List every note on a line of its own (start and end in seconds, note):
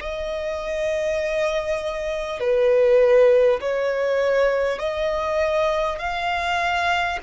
0.00 2.39 D#5
2.39 3.59 B4
3.61 4.78 C#5
4.78 5.98 D#5
5.98 7.18 F5